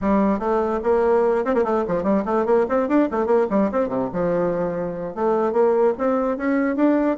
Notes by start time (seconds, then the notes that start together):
0.01 G3
0.39 A3
0.83 A#3
1.44 C4
1.54 A#3
1.63 A3
1.87 F3
2.03 G3
2.25 A3
2.45 A#3
2.68 C4
2.88 D4
3.11 A3
3.26 A#3
3.50 G3
3.71 C4
3.88 C3
4.12 F3
5.14 A3
5.52 A#3
5.98 C4
6.37 C#4
6.76 D4